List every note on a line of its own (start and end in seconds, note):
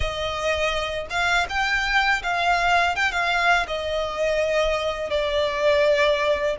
0.00 1.06 D#5
1.10 1.46 F5
1.49 2.22 G5
2.22 2.95 F5
2.95 3.11 G5
3.11 3.66 F5
3.67 5.10 D#5
5.10 6.56 D5